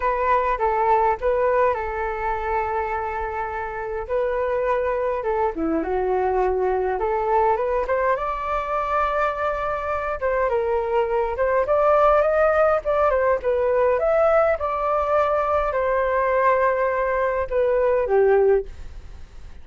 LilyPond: \new Staff \with { instrumentName = "flute" } { \time 4/4 \tempo 4 = 103 b'4 a'4 b'4 a'4~ | a'2. b'4~ | b'4 a'8 e'8 fis'2 | a'4 b'8 c''8 d''2~ |
d''4. c''8 ais'4. c''8 | d''4 dis''4 d''8 c''8 b'4 | e''4 d''2 c''4~ | c''2 b'4 g'4 | }